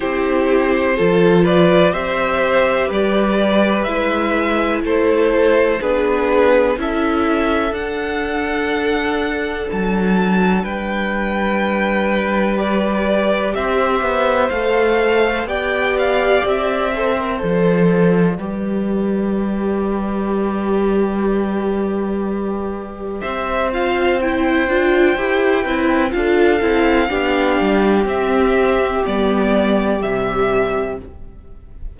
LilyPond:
<<
  \new Staff \with { instrumentName = "violin" } { \time 4/4 \tempo 4 = 62 c''4. d''8 e''4 d''4 | e''4 c''4 b'4 e''4 | fis''2 a''4 g''4~ | g''4 d''4 e''4 f''4 |
g''8 f''8 e''4 d''2~ | d''1 | e''8 f''8 g''2 f''4~ | f''4 e''4 d''4 e''4 | }
  \new Staff \with { instrumentName = "violin" } { \time 4/4 g'4 a'8 b'8 c''4 b'4~ | b'4 a'4 gis'4 a'4~ | a'2. b'4~ | b'2 c''2 |
d''4. c''4. b'4~ | b'1 | c''2~ c''8 b'8 a'4 | g'1 | }
  \new Staff \with { instrumentName = "viola" } { \time 4/4 e'4 f'4 g'2 | e'2 d'4 e'4 | d'1~ | d'4 g'2 a'4 |
g'4. a'16 ais'16 a'4 g'4~ | g'1~ | g'8 f'8 e'8 f'8 g'8 e'8 f'8 e'8 | d'4 c'4 b4 g4 | }
  \new Staff \with { instrumentName = "cello" } { \time 4/4 c'4 f4 c'4 g4 | gis4 a4 b4 cis'4 | d'2 fis4 g4~ | g2 c'8 b8 a4 |
b4 c'4 f4 g4~ | g1 | c'4. d'8 e'8 c'8 d'8 c'8 | b8 g8 c'4 g4 c4 | }
>>